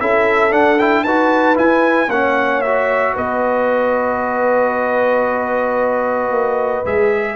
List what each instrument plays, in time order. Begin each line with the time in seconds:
0.00 tuba C#4, trombone E4, horn A4, trumpet E5
0.50 trombone D4, tuba D4, trumpet F#5
0.79 trombone E4, trumpet G5
1.04 tuba D#4, trombone F#4, horn B4, trumpet A5
1.55 trombone E4, tuba E4, trumpet G#5
2.08 tuba A#3, trombone C#4, horn C#5, trumpet F#5
2.61 trombone F#4, trumpet E5
3.13 tuba B3, horn B4, trumpet D#5
6.31 tuba A#3
6.85 tuba G#3, trombone G#4, trumpet E5